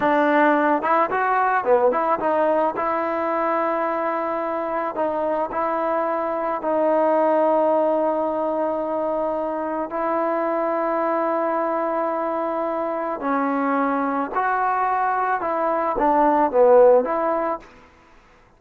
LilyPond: \new Staff \with { instrumentName = "trombone" } { \time 4/4 \tempo 4 = 109 d'4. e'8 fis'4 b8 e'8 | dis'4 e'2.~ | e'4 dis'4 e'2 | dis'1~ |
dis'2 e'2~ | e'1 | cis'2 fis'2 | e'4 d'4 b4 e'4 | }